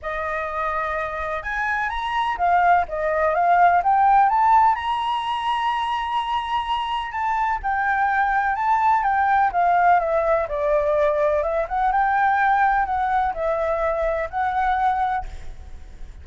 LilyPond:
\new Staff \with { instrumentName = "flute" } { \time 4/4 \tempo 4 = 126 dis''2. gis''4 | ais''4 f''4 dis''4 f''4 | g''4 a''4 ais''2~ | ais''2. a''4 |
g''2 a''4 g''4 | f''4 e''4 d''2 | e''8 fis''8 g''2 fis''4 | e''2 fis''2 | }